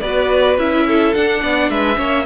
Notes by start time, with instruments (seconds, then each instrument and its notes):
0.00 cello B3, viola F#4, violin B4 D5
0.57 cello C#4, viola E4, violin E5
0.87 violin A4
1.14 viola D4, cello D4, violin F#5
1.41 cello B3, violin D5
1.69 cello G#3, violin B4 E5
1.95 cello A#3, viola C#4, violin C#5